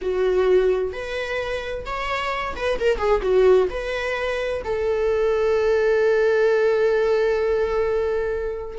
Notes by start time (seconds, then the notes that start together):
0.01 F#4
0.93 B4
1.85 C#5
2.56 B4
2.79 A#4
2.98 G#4
3.22 F#4
3.70 B4
4.64 A4